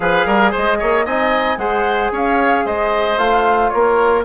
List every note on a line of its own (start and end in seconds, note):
0.00 0.25 F3
0.00 1.05 G#4
0.00 0.26 B4
0.00 0.53 F5
0.25 0.52 G3
0.25 0.51 A#4
0.51 0.77 C5
0.51 1.05 D#5
0.57 0.82 G#3
0.79 1.06 A#3
0.79 1.05 C#5
1.05 1.57 C4
1.05 1.59 D#4
1.05 1.58 D#5
1.05 1.57 G#5
1.57 2.10 G#3
1.57 3.17 G#4
1.57 2.12 C5
1.57 2.10 F#5
2.11 2.64 C#4
2.11 2.65 C#5
2.11 2.66 F5
2.65 3.17 G#3
2.65 3.71 C5
2.65 3.18 D#5
3.17 3.70 A3
3.17 4.24 F4
3.17 3.69 F5
3.69 4.24 A#3
3.69 4.24 A#4
3.69 4.22 C#5